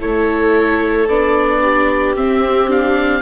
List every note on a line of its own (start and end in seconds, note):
0.00 1.08 A3
0.00 1.07 E4
0.00 1.61 A4
0.00 1.08 C#5
1.08 2.15 B3
1.08 2.15 D4
1.08 2.15 D5
1.61 3.21 G4
2.15 3.21 C4
2.15 2.68 C4
2.15 2.70 E5
2.68 3.21 D4
2.68 3.21 F5